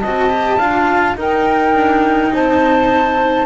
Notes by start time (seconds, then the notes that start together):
0.00 C4 F#4 D#5 A5
0.29 G4
0.58 D4 F4 F5
1.16 D#4 A#4 G5
1.74 D4
2.32 C4 C5 A5